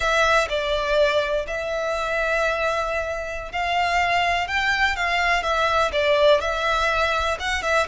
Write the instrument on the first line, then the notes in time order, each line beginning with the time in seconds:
violin
0.00 E5
0.49 D5
1.47 E5
3.51 F5
4.47 G5
4.96 F5
5.42 E5
5.92 D5
6.40 E5
7.39 F#5
7.62 E5